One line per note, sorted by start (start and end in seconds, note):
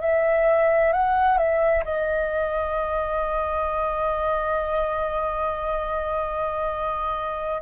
0.00 0.92 E5
0.92 1.38 F#5
1.38 1.84 E5
1.84 7.61 D#5